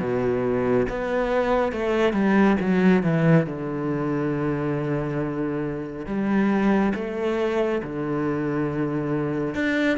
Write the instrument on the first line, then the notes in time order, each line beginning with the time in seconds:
cello
0.00 B2
0.89 B3
1.72 A3
2.13 G3
2.60 F#3
3.04 E3
3.46 D3
6.06 G3
6.95 A3
7.83 D3
9.55 D4